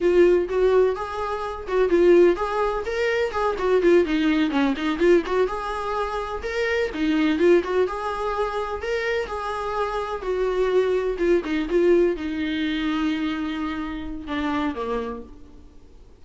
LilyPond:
\new Staff \with { instrumentName = "viola" } { \time 4/4 \tempo 4 = 126 f'4 fis'4 gis'4. fis'8 | f'4 gis'4 ais'4 gis'8 fis'8 | f'8 dis'4 cis'8 dis'8 f'8 fis'8 gis'8~ | gis'4. ais'4 dis'4 f'8 |
fis'8 gis'2 ais'4 gis'8~ | gis'4. fis'2 f'8 | dis'8 f'4 dis'2~ dis'8~ | dis'2 d'4 ais4 | }